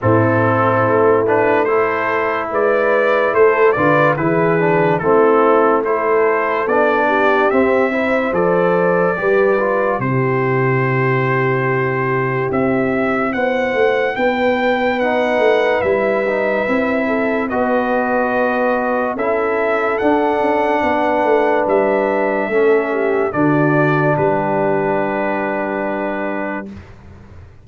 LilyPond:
<<
  \new Staff \with { instrumentName = "trumpet" } { \time 4/4 \tempo 4 = 72 a'4. b'8 c''4 d''4 | c''8 d''8 b'4 a'4 c''4 | d''4 e''4 d''2 | c''2. e''4 |
fis''4 g''4 fis''4 e''4~ | e''4 dis''2 e''4 | fis''2 e''2 | d''4 b'2. | }
  \new Staff \with { instrumentName = "horn" } { \time 4/4 e'2 a'4 b'4 | a'8 b'8 gis'4 e'4 a'4~ | a'8 g'4 c''4. b'4 | g'1 |
c''4 b'2.~ | b'8 a'8 b'2 a'4~ | a'4 b'2 a'8 g'8 | fis'4 g'2. | }
  \new Staff \with { instrumentName = "trombone" } { \time 4/4 c'4. d'8 e'2~ | e'8 f'8 e'8 d'8 c'4 e'4 | d'4 c'8 e'8 a'4 g'8 f'8 | e'1~ |
e'2 dis'4 e'8 dis'8 | e'4 fis'2 e'4 | d'2. cis'4 | d'1 | }
  \new Staff \with { instrumentName = "tuba" } { \time 4/4 a,4 a2 gis4 | a8 d8 e4 a2 | b4 c'4 f4 g4 | c2. c'4 |
b8 a8 b4. a8 g4 | c'4 b2 cis'4 | d'8 cis'8 b8 a8 g4 a4 | d4 g2. | }
>>